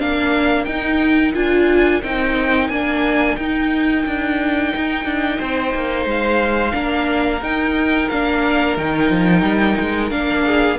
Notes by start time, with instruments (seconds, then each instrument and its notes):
0.00 cello A#3, viola D4, violin A#4 F5
0.65 cello D#4, viola D#4, violin G5
1.34 cello D4, viola F4, violin G#5
2.03 cello C4, viola D#4, violin G5
2.69 cello A#3, viola D4, violin G#5
3.36 cello D#4, viola D#4, violin G5
4.06 cello D4
4.77 cello D#4
5.05 cello D4
5.39 cello C4, violin C5
5.75 cello A#3
6.06 cello G#3, violin F5
6.72 cello A#3, viola D4, violin A#4
7.41 cello D#4, viola D#4, violin G5
8.09 cello A#3, viola D4, violin F5
8.77 cello D#3, viola D#4, violin G5
9.10 cello F3
9.42 cello G3
9.81 cello G#3
10.11 cello A#3, viola D4, violin F5
10.45 violin G#4